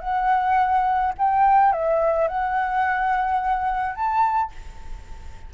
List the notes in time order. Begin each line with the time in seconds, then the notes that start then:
0.00 F#5
1.18 G5
1.72 E5
2.28 F#5
3.95 A5